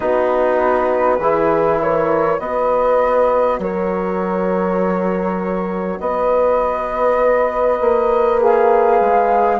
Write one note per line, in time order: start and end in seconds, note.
0.00 1.18 B3
0.00 1.19 D#4
0.00 1.20 F#4
0.00 1.80 B4
1.18 2.38 E3
1.18 2.39 E4
1.18 1.80 G#4
1.80 2.41 A#4
1.80 2.39 C#5
2.39 3.58 B3
2.39 8.38 F#4
2.39 3.60 B4
2.39 3.59 D#5
3.58 5.99 F#3
3.58 6.00 A#4
3.58 5.99 C#5
5.99 7.80 B3
5.99 9.59 B4
5.99 8.39 D#5
7.80 9.00 A#3
8.39 9.59 G#4
8.39 9.59 F5
9.00 9.59 G#3